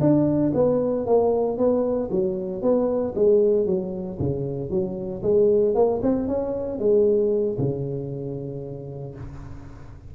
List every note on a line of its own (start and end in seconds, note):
0.00 0.52 D4
0.54 1.06 B3
1.06 1.57 A#3
1.57 2.09 B3
2.11 2.62 F#3
2.62 3.14 B3
3.15 3.66 G#3
3.66 4.18 F#3
4.19 4.70 C#3
4.70 5.22 F#3
5.22 5.74 G#3
5.74 6.00 A#3
6.02 6.27 C4
6.27 6.78 C#4
6.78 7.57 G#3
7.58 9.14 C#3